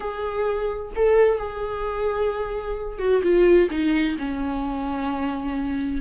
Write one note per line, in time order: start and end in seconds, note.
0.00 0.91 G#4
0.95 1.38 A4
1.38 2.99 G#4
2.99 3.22 F#4
3.22 3.68 F4
3.70 4.16 D#4
4.18 6.01 C#4